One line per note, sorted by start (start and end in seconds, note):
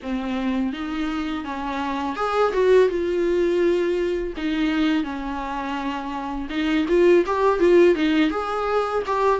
0.02 0.73 C4
0.73 1.44 D#4
1.44 2.16 C#4
2.16 2.52 G#4
2.52 2.88 F#4
2.88 4.33 F4
4.37 5.03 D#4
5.03 6.48 C#4
6.49 6.85 D#4
6.88 7.24 F4
7.26 7.59 G4
7.59 7.95 F4
7.95 8.30 D#4
8.30 9.02 G#4
9.06 9.39 G4